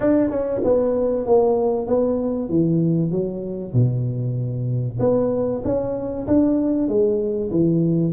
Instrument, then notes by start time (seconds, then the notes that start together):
tuba
0.00 D4
0.30 C#4
0.63 B3
1.26 A#3
1.87 B3
2.49 E3
3.11 F#3
3.73 B2
4.99 B3
5.64 C#4
6.27 D4
6.88 G#3
7.51 E3